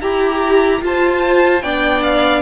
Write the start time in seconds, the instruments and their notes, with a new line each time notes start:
0.00 cello E4, violin G4 A#5, viola G4
0.81 viola F4, cello F4, violin C5 A5
1.61 cello B3, viola D4, violin D5 G5
2.03 violin F5